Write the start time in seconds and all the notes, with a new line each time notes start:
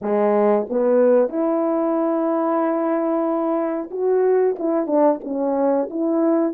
0.01 G#3
0.69 B3
1.29 E4
3.90 F#4
4.59 E4
4.86 D4
5.24 C#4
5.90 E4